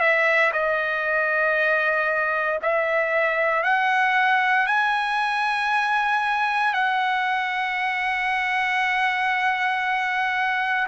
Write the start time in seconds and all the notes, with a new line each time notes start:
0.00 E5
0.53 D#5
2.63 E5
3.64 F#5
4.67 G#5
6.74 F#5